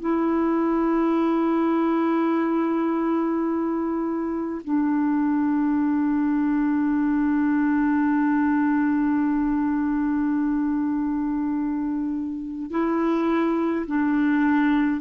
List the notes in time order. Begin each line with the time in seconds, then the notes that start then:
0.00 E4
4.64 D4
12.70 E4
13.86 D4